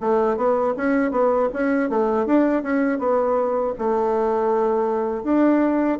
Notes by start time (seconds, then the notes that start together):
0.00 A3
0.36 B3
0.76 C#4
1.11 B3
1.53 C#4
1.90 A3
2.25 D4
2.62 C#4
2.99 B3
3.78 A3
5.23 D4